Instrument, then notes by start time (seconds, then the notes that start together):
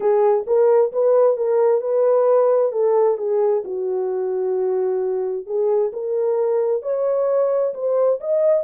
horn
0.00 G#4
0.46 A#4
0.92 B4
1.36 A#4
1.81 B4
2.72 A4
3.17 G#4
3.64 F#4
5.46 G#4
5.93 A#4
6.82 C#5
7.74 C5
8.20 D#5